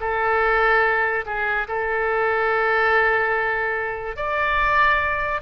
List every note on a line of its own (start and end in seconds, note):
0.00 1.25 A4
1.26 1.67 G#4
1.67 4.16 A4
4.16 5.41 D5